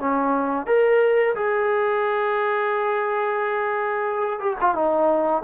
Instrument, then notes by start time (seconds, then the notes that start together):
trombone
0.00 C#4
0.67 A#4
1.35 G#4
4.40 G4
4.61 F4
4.75 D#4